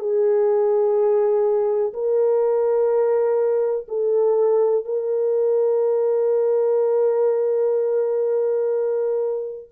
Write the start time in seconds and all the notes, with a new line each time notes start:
0.00 G#4
1.94 A#4
3.89 A4
4.85 A#4